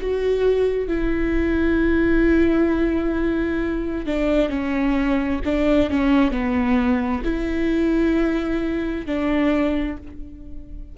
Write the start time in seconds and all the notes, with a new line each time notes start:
0.00 F#4
0.87 E4
4.06 D4
4.49 C#4
5.44 D4
5.90 C#4
6.31 B3
7.24 E4
9.05 D4